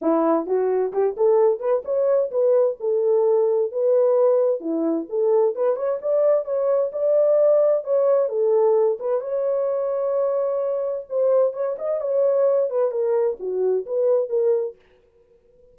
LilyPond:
\new Staff \with { instrumentName = "horn" } { \time 4/4 \tempo 4 = 130 e'4 fis'4 g'8 a'4 b'8 | cis''4 b'4 a'2 | b'2 e'4 a'4 | b'8 cis''8 d''4 cis''4 d''4~ |
d''4 cis''4 a'4. b'8 | cis''1 | c''4 cis''8 dis''8 cis''4. b'8 | ais'4 fis'4 b'4 ais'4 | }